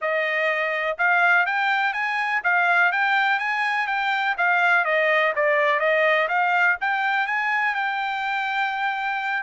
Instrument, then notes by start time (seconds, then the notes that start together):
trumpet
0.01 D#5
0.98 F5
1.46 G5
1.93 G#5
2.43 F5
2.92 G5
3.39 G#5
3.87 G5
4.37 F5
4.84 D#5
5.35 D5
5.79 D#5
6.28 F5
6.80 G5
7.26 G#5
7.74 G5